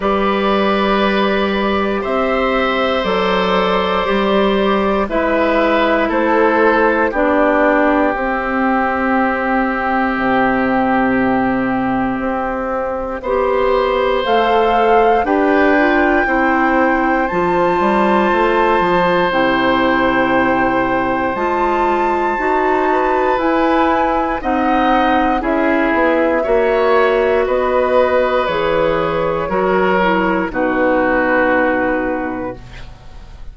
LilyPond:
<<
  \new Staff \with { instrumentName = "flute" } { \time 4/4 \tempo 4 = 59 d''2 e''4 d''4~ | d''4 e''4 c''4 d''4 | e''1~ | e''2 f''4 g''4~ |
g''4 a''2 g''4~ | g''4 a''2 gis''4 | fis''4 e''2 dis''4 | cis''2 b'2 | }
  \new Staff \with { instrumentName = "oboe" } { \time 4/4 b'2 c''2~ | c''4 b'4 a'4 g'4~ | g'1~ | g'4 c''2 b'4 |
c''1~ | c''2~ c''8 b'4. | dis''4 gis'4 cis''4 b'4~ | b'4 ais'4 fis'2 | }
  \new Staff \with { instrumentName = "clarinet" } { \time 4/4 g'2. a'4 | g'4 e'2 d'4 | c'1~ | c'4 g'4 a'4 g'8 f'8 |
e'4 f'2 e'4~ | e'4 f'4 fis'4 e'4 | dis'4 e'4 fis'2 | gis'4 fis'8 e'8 dis'2 | }
  \new Staff \with { instrumentName = "bassoon" } { \time 4/4 g2 c'4 fis4 | g4 gis4 a4 b4 | c'2 c2 | c'4 b4 a4 d'4 |
c'4 f8 g8 a8 f8 c4~ | c4 gis4 dis'4 e'4 | c'4 cis'8 b8 ais4 b4 | e4 fis4 b,2 | }
>>